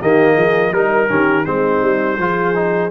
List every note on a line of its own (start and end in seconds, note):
0.00 0.37 D#3
0.00 0.73 A#3
0.00 0.34 G4
0.00 0.73 D#5
0.34 0.72 F3
0.34 0.71 G#4
0.72 1.08 G3
0.72 1.09 D#4
0.72 1.09 A#4
0.72 1.45 A#4
1.09 1.46 D#3
1.09 1.45 C#4
1.09 1.46 G4
1.45 1.82 G#3
1.45 2.18 C4
1.45 2.20 D#4
1.45 2.90 C5
1.82 2.18 G3
2.18 2.90 F3
2.18 2.54 F4
2.18 2.90 G#4
2.54 2.90 D#4